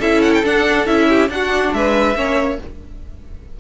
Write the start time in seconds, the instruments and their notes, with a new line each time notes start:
0.00 cello C#4, viola E4, violin A4 E5
0.22 violin F#5
0.34 violin G5
0.44 cello D4, viola D4, violin F#5
0.86 cello C#4, viola E4, violin E5
1.09 violin G4
1.29 cello D4, viola D4, violin F#4 F#5
1.73 cello G#3, violin B4 E5
2.15 cello A#3, viola C#4, violin C#5